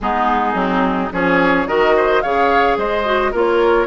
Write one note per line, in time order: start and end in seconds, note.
0.00 0.54 G#3
0.00 0.54 B3
0.00 1.13 D#4
0.00 1.12 G#4
0.54 1.09 F#3
0.54 1.09 C4
1.12 1.66 F3
1.12 1.67 C#4
1.12 1.67 G#4
1.12 1.67 C#5
1.66 2.22 D#3
1.66 2.23 F#4
1.66 1.95 A#4
1.66 2.21 D#5
1.96 2.22 C5
2.21 2.77 C#3
2.21 3.04 G#4
2.21 2.78 C#5
2.21 2.77 F5
2.77 3.33 G#3
2.77 3.31 C5
2.77 3.33 D#5
3.04 3.32 F#4
3.31 3.87 A#3
3.31 3.87 F4
3.31 3.87 A#4
3.37 3.87 C#5